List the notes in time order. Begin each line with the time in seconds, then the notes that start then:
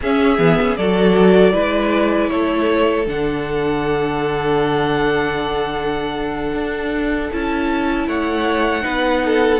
0.01 C#4 G#4 E5
0.37 E3 B3
0.61 C#4
0.76 F#3 F#4 A4 D5
1.52 G#3 E4 B4
2.29 A3 A4 C#5
3.06 D3 D4 F#5
6.53 D4
7.31 C#4 E4 A5
8.07 A3 C#5 F#5
8.82 B3 D#4 B4
9.25 A4